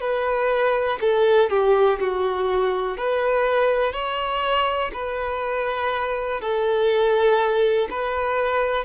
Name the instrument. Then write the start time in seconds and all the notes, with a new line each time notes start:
violin
0.00 B4
1.01 A4
1.50 G4
1.99 F#4
2.97 B4
3.93 C#5
4.93 B4
6.41 A4
7.90 B4